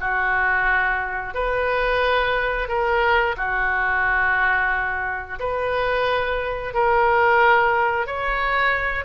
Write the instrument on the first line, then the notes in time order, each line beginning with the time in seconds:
oboe
0.00 F#4
1.34 B4
2.68 A#4
3.37 F#4
5.39 B4
6.74 A#4
8.06 C#5